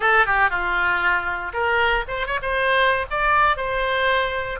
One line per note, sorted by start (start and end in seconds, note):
0.00 0.26 A4
0.26 0.50 G4
0.50 1.52 F4
1.53 2.04 A#4
2.08 2.27 C5
2.27 2.39 C#5
2.41 3.06 C5
3.10 3.56 D5
3.56 4.59 C5